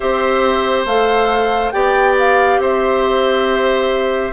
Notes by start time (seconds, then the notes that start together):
0.00 C4 G4 C5 E5
0.85 A3 A4 F5
1.71 B3 G4 D5 G5
2.18 F5
2.58 C4 C5 E5